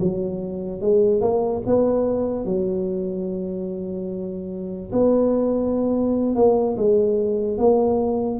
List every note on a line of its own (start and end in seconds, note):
0.00 0.81 F#3
0.81 1.21 G#3
1.21 1.62 A#3
1.66 2.45 B3
2.45 4.92 F#3
4.92 6.35 B3
6.35 6.76 A#3
6.77 7.58 G#3
7.58 8.40 A#3